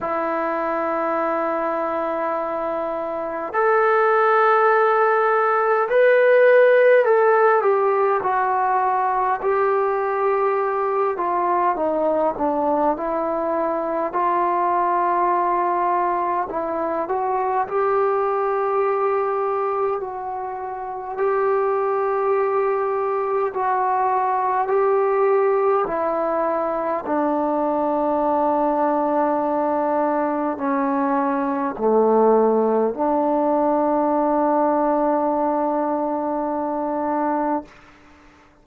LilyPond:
\new Staff \with { instrumentName = "trombone" } { \time 4/4 \tempo 4 = 51 e'2. a'4~ | a'4 b'4 a'8 g'8 fis'4 | g'4. f'8 dis'8 d'8 e'4 | f'2 e'8 fis'8 g'4~ |
g'4 fis'4 g'2 | fis'4 g'4 e'4 d'4~ | d'2 cis'4 a4 | d'1 | }